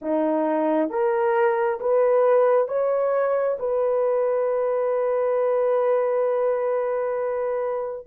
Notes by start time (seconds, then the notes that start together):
0.01 D#4
0.89 A#4
1.80 B4
2.68 C#5
3.59 B4